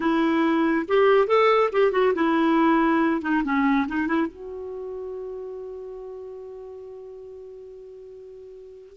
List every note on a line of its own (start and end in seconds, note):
0.00 0.86 E4
0.88 1.27 G4
1.27 1.69 A4
1.72 1.91 G4
1.91 2.13 F#4
2.14 3.21 E4
3.21 3.42 D#4
3.43 3.86 C#4
3.88 4.07 D#4
4.07 4.26 E4
4.26 8.97 F#4